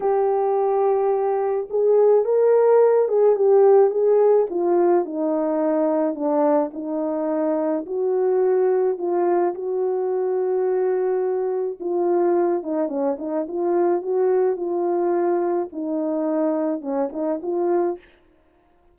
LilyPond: \new Staff \with { instrumentName = "horn" } { \time 4/4 \tempo 4 = 107 g'2. gis'4 | ais'4. gis'8 g'4 gis'4 | f'4 dis'2 d'4 | dis'2 fis'2 |
f'4 fis'2.~ | fis'4 f'4. dis'8 cis'8 dis'8 | f'4 fis'4 f'2 | dis'2 cis'8 dis'8 f'4 | }